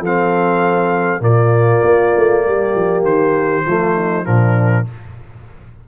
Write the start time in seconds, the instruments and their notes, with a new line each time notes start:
0.00 tuba F3, trombone C4, horn A4, trumpet F5
1.20 tuba A#2, trombone A#3, horn F4, trumpet D5
1.83 tuba A#3
2.16 tuba A3
2.45 tuba G3, horn G4
2.75 tuba F3
3.04 tuba D#3, trumpet C5
3.66 tuba F3, trombone A3, horn F4
3.95 horn D#4
4.24 tuba A#2, trombone F3, horn D4, trumpet A#4